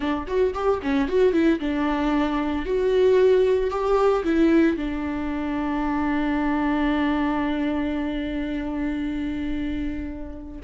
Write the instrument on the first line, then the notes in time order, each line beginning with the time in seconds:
viola
0.00 D4
0.27 F#4
0.54 G4
0.82 C#4
1.08 F#4
1.32 E4
1.59 D4
2.65 F#4
3.70 G4
4.24 E4
4.76 D4